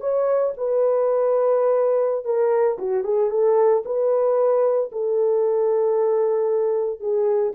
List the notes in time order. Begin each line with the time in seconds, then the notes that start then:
0.00 C#5
0.57 B4
2.25 A#4
2.78 F#4
3.04 G#4
3.30 A4
3.85 B4
4.92 A4
7.00 G#4